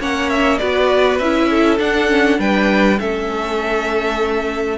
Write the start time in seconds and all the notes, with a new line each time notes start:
0.00 A#3 C#4 C#5 F#5
0.30 E5
0.58 B3 F#4 B4 D5
1.18 C#4 E4 E5
1.51 A4
1.79 D4 F#5
2.08 C#4
2.37 G3 D4 B4 G5
3.00 A3 C#4 A4 E5